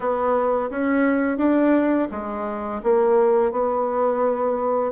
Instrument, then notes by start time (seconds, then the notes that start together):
bassoon
0.00 B3
0.70 C#4
1.37 D4
2.11 G#3
2.83 A#3
3.51 B3